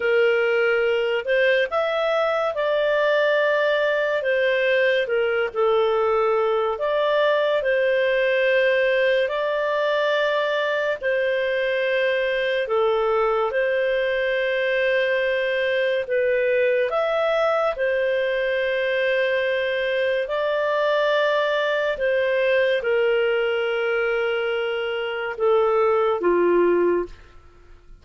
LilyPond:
\new Staff \with { instrumentName = "clarinet" } { \time 4/4 \tempo 4 = 71 ais'4. c''8 e''4 d''4~ | d''4 c''4 ais'8 a'4. | d''4 c''2 d''4~ | d''4 c''2 a'4 |
c''2. b'4 | e''4 c''2. | d''2 c''4 ais'4~ | ais'2 a'4 f'4 | }